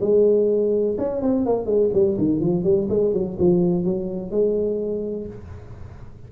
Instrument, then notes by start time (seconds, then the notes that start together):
tuba
0.00 G#3
0.98 C#4
1.22 C4
1.46 A#3
1.66 G#3
1.93 G3
2.18 D#3
2.40 F3
2.64 G3
2.89 G#3
3.13 F#3
3.39 F3
3.84 F#3
4.31 G#3